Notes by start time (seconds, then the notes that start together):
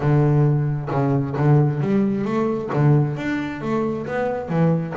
0.00 D3
0.90 C#3
1.36 D3
1.80 G3
2.24 A3
2.73 D3
3.17 D4
3.61 A3
4.06 B3
4.48 E3